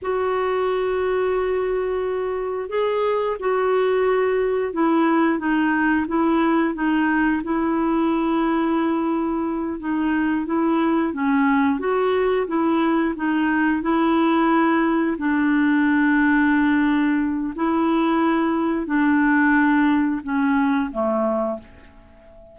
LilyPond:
\new Staff \with { instrumentName = "clarinet" } { \time 4/4 \tempo 4 = 89 fis'1 | gis'4 fis'2 e'4 | dis'4 e'4 dis'4 e'4~ | e'2~ e'8 dis'4 e'8~ |
e'8 cis'4 fis'4 e'4 dis'8~ | dis'8 e'2 d'4.~ | d'2 e'2 | d'2 cis'4 a4 | }